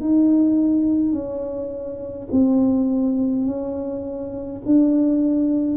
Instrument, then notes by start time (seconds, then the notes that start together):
tuba
0.00 D#4
1.12 C#4
2.31 C4
3.46 C#4
4.65 D4